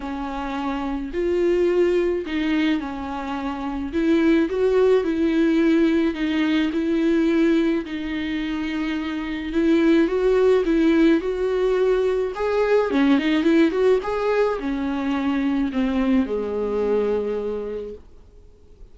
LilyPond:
\new Staff \with { instrumentName = "viola" } { \time 4/4 \tempo 4 = 107 cis'2 f'2 | dis'4 cis'2 e'4 | fis'4 e'2 dis'4 | e'2 dis'2~ |
dis'4 e'4 fis'4 e'4 | fis'2 gis'4 cis'8 dis'8 | e'8 fis'8 gis'4 cis'2 | c'4 gis2. | }